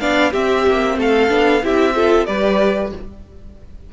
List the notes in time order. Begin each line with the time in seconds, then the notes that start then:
0.00 B3 D4 D5 F5
0.31 C4 G4 E5
0.67 A#3
0.98 A3 A4 F5
1.28 B3 D4
1.62 C4 E4 G4 E5
1.95 F4 A4
2.25 G3 G4 B4 D5